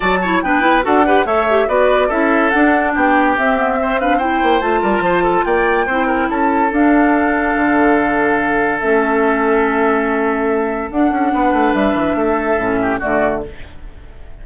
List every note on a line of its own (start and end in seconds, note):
0.00 0.42 F#3
0.00 0.20 F#4
0.00 0.19 D5
0.00 0.40 A5
0.21 0.44 E4
0.21 0.42 C#5
0.41 0.84 B3
0.41 0.60 D4
0.41 0.85 B4
0.41 0.83 G5
0.60 0.81 E4
0.82 1.25 D4
0.82 1.03 F#4
0.82 1.06 A4
0.82 1.26 F#5
1.05 1.25 G4
1.05 1.26 B4
1.25 1.67 A3
1.25 1.46 A4
1.25 1.68 C#5
1.25 1.68 E5
1.49 1.68 G4
1.67 2.09 B3
1.67 2.09 F#4
1.67 2.08 B4
1.67 2.10 D5
2.08 2.52 C#4
2.08 2.51 E4
2.08 2.91 A4
2.08 2.50 E5
2.50 2.95 D4
2.50 3.37 D4
2.50 2.92 F#5
2.94 3.37 B3
2.94 3.78 G4
2.94 3.37 G5
3.37 4.42 C4
3.37 3.56 C4
3.37 3.99 E5
3.56 3.77 B3
3.77 3.98 C4
3.77 4.00 C5
3.99 4.20 D4
3.99 4.17 B4
3.99 4.19 F5
4.17 4.61 E4
4.17 4.80 C5
4.17 4.60 G5
4.42 4.61 A#3
4.60 4.82 A3
4.60 5.87 F4
4.60 5.44 A5
4.81 4.99 G3
4.81 5.02 A#4
4.99 5.41 F3
4.99 5.23 C5
5.23 5.44 A4
5.45 5.86 A#3
5.45 5.86 D5
5.45 6.28 G5
5.86 6.28 C4
5.86 6.71 E4
5.86 6.06 C5
6.06 6.27 A#4
6.29 6.71 C#4
6.29 11.33 A4
6.29 6.72 A5
6.71 8.80 D4
6.71 7.55 D4
6.71 8.79 F5
7.56 8.82 D3
8.79 10.90 A3
8.79 10.90 C#4
8.79 10.89 E5
10.90 11.11 D4
10.90 12.59 D4
10.90 11.73 F#5
11.11 11.32 C#4
11.33 11.52 B3
11.33 12.16 B4
11.52 11.73 A3
11.73 11.93 G3
11.73 12.99 E5
11.93 12.14 E3
12.15 12.56 A3
12.15 12.79 A4
12.56 12.98 A2
12.56 13.00 C#4
12.81 12.99 G4
12.99 13.45 D3
12.99 13.42 A3
12.99 13.41 F#4
12.99 13.43 D5